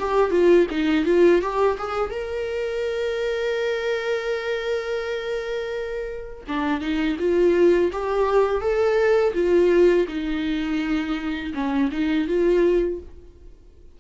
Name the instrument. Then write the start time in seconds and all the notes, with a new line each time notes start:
viola
0.00 G4
0.31 F4
0.71 D#4
1.05 F4
1.42 G4
1.78 G#4
2.11 A#4
6.48 D4
6.81 D#4
7.19 F4
7.93 G4
8.62 A4
9.35 F4
10.08 D#4
11.54 C#4
11.92 D#4
12.28 F4